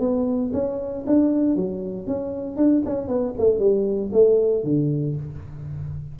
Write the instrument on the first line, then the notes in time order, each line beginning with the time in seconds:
tuba
0.00 B3
0.53 C#4
1.07 D4
1.56 F#3
2.07 C#4
2.57 D4
2.86 C#4
3.08 B3
3.38 A3
3.59 G3
4.13 A3
4.64 D3